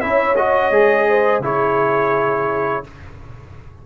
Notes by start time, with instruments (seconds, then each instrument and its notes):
0.00 tuba C#4, trombone E4, horn C#5, trumpet E5
0.36 trombone F#4, trumpet D#5
0.71 tuba G#3, trombone G#4
1.08 horn C5
1.40 tuba C#3, trombone E4, horn G#4, trumpet C#5